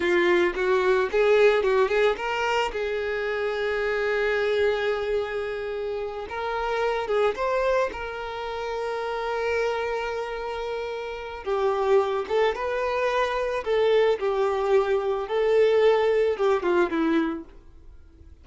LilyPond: \new Staff \with { instrumentName = "violin" } { \time 4/4 \tempo 4 = 110 f'4 fis'4 gis'4 fis'8 gis'8 | ais'4 gis'2.~ | gis'2.~ gis'8 ais'8~ | ais'4 gis'8 c''4 ais'4.~ |
ais'1~ | ais'4 g'4. a'8 b'4~ | b'4 a'4 g'2 | a'2 g'8 f'8 e'4 | }